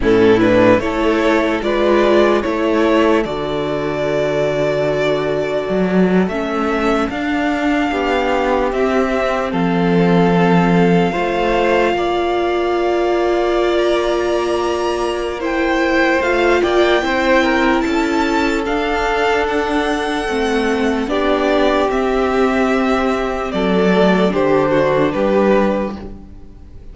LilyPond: <<
  \new Staff \with { instrumentName = "violin" } { \time 4/4 \tempo 4 = 74 a'8 b'8 cis''4 d''4 cis''4 | d''2.~ d''8. e''16~ | e''8. f''2 e''4 f''16~ | f''1~ |
f''4 ais''2 g''4 | f''8 g''4. a''4 f''4 | fis''2 d''4 e''4~ | e''4 d''4 c''4 b'4 | }
  \new Staff \with { instrumentName = "violin" } { \time 4/4 e'4 a'4 b'4 a'4~ | a'1~ | a'4.~ a'16 g'2 a'16~ | a'4.~ a'16 c''4 d''4~ d''16~ |
d''2. c''4~ | c''8 d''8 c''8 ais'8 a'2~ | a'2 g'2~ | g'4 a'4 g'8 fis'8 g'4 | }
  \new Staff \with { instrumentName = "viola" } { \time 4/4 cis'8 d'8 e'4 f'4 e'4 | fis'2.~ fis'8. cis'16~ | cis'8. d'2 c'4~ c'16~ | c'4.~ c'16 f'2~ f'16~ |
f'2. e'4 | f'4 e'2 d'4~ | d'4 c'4 d'4 c'4~ | c'4. a8 d'2 | }
  \new Staff \with { instrumentName = "cello" } { \time 4/4 a,4 a4 gis4 a4 | d2. fis8. a16~ | a8. d'4 b4 c'4 f16~ | f4.~ f16 a4 ais4~ ais16~ |
ais1 | a8 ais8 c'4 cis'4 d'4~ | d'4 a4 b4 c'4~ | c'4 fis4 d4 g4 | }
>>